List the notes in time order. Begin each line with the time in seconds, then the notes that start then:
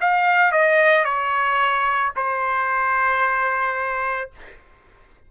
0.00 F5
0.52 D#5
1.04 C#5
2.16 C5